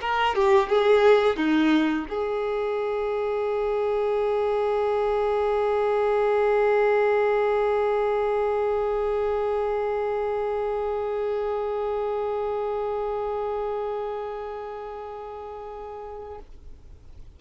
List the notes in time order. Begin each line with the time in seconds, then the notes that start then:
0.00 A#4
0.35 G4
0.68 G#4
1.36 D#4
2.09 G#4